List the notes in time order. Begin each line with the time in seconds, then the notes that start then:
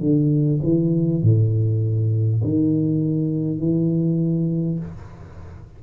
0.00 D3
0.63 E3
1.23 A2
2.44 D#3
3.59 E3